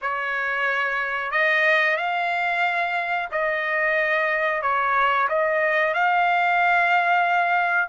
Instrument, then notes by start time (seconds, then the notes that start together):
trumpet
0.01 C#5
1.31 D#5
1.96 F5
3.31 D#5
4.62 C#5
5.28 D#5
5.93 F5